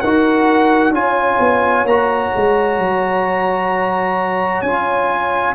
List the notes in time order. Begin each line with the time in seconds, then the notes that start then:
0.00 D#4 F#4 A#4 F#5
0.90 C#4 F4 C#5 G#5
1.39 B3
1.84 A#3 F#4 A#5
2.36 G#3
2.78 F#3
4.62 C#4 F4 G#5